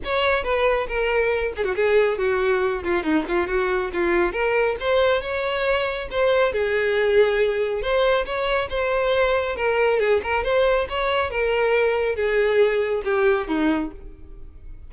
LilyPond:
\new Staff \with { instrumentName = "violin" } { \time 4/4 \tempo 4 = 138 cis''4 b'4 ais'4. gis'16 fis'16 | gis'4 fis'4. f'8 dis'8 f'8 | fis'4 f'4 ais'4 c''4 | cis''2 c''4 gis'4~ |
gis'2 c''4 cis''4 | c''2 ais'4 gis'8 ais'8 | c''4 cis''4 ais'2 | gis'2 g'4 dis'4 | }